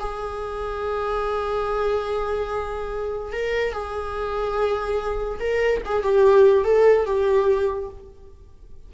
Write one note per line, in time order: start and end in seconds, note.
0.00 3.33 G#4
3.33 3.73 A#4
3.73 5.39 G#4
5.40 5.82 A#4
5.85 6.03 G#4
6.03 6.64 G4
6.64 7.06 A4
7.06 7.89 G4